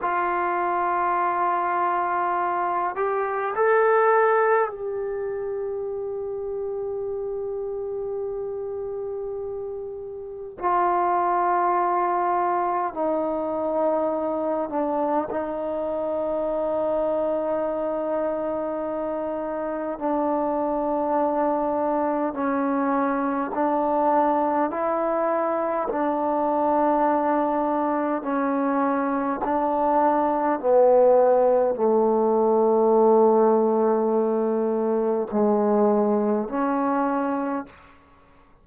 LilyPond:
\new Staff \with { instrumentName = "trombone" } { \time 4/4 \tempo 4 = 51 f'2~ f'8 g'8 a'4 | g'1~ | g'4 f'2 dis'4~ | dis'8 d'8 dis'2.~ |
dis'4 d'2 cis'4 | d'4 e'4 d'2 | cis'4 d'4 b4 a4~ | a2 gis4 cis'4 | }